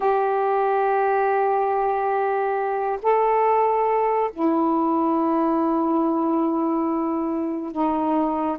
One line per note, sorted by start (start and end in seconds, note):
0.00 2.99 G4
3.02 4.31 A4
4.32 7.72 E4
7.72 8.57 D#4